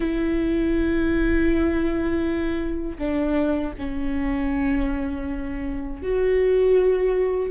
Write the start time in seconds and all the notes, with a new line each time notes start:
0.00 E4
2.98 D4
3.78 C#4
6.02 F#4